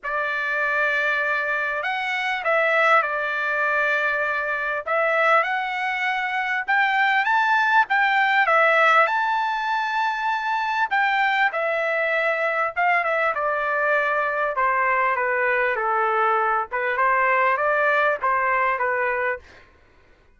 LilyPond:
\new Staff \with { instrumentName = "trumpet" } { \time 4/4 \tempo 4 = 99 d''2. fis''4 | e''4 d''2. | e''4 fis''2 g''4 | a''4 g''4 e''4 a''4~ |
a''2 g''4 e''4~ | e''4 f''8 e''8 d''2 | c''4 b'4 a'4. b'8 | c''4 d''4 c''4 b'4 | }